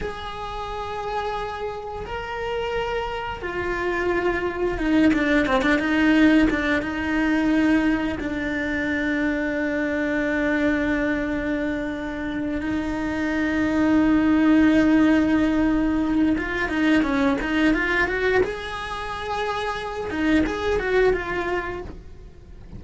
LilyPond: \new Staff \with { instrumentName = "cello" } { \time 4/4 \tempo 4 = 88 gis'2. ais'4~ | ais'4 f'2 dis'8 d'8 | c'16 d'16 dis'4 d'8 dis'2 | d'1~ |
d'2~ d'8 dis'4.~ | dis'1 | f'8 dis'8 cis'8 dis'8 f'8 fis'8 gis'4~ | gis'4. dis'8 gis'8 fis'8 f'4 | }